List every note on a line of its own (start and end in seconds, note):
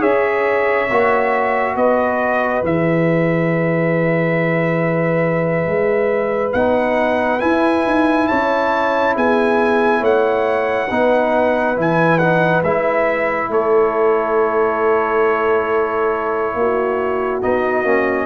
0.00 0.90 C#4
0.00 0.87 G#4
0.00 1.74 C#5
0.00 1.76 E5
0.90 1.76 A#3
0.90 2.64 F#4
1.76 2.63 B3
1.76 8.29 B4
1.76 2.64 D#5
2.64 5.66 E3
2.64 6.55 G#4
2.64 6.53 E5
5.66 6.53 G#3
6.53 7.41 B3
6.53 7.40 D#4
6.53 7.40 F#5
7.40 10.88 E4
7.40 7.86 E4
7.40 8.27 G#5
7.87 8.30 D#4
8.28 9.17 C#4
8.28 9.16 C#5
8.28 9.15 A5
9.16 10.01 B3
9.16 10.01 G#4
9.16 10.04 G#5
10.01 10.88 A3
10.01 10.88 C#5
10.01 11.79 F#5
10.91 11.77 B3
10.91 11.76 D#4
10.91 13.51 B4
11.76 12.64 E3
11.76 12.20 E4
11.76 12.19 G#5
12.19 12.64 D#4
12.19 12.62 F#5
12.64 13.51 G#3
12.64 17.43 E4
12.64 13.51 E5
13.51 16.55 A3
13.51 16.55 A4
13.51 17.42 C#5
16.55 17.41 A#3
16.55 18.26 F#4
17.42 17.84 B3
17.42 17.85 D#4
17.42 18.26 D#5
17.84 18.26 A#3
17.84 18.26 C#4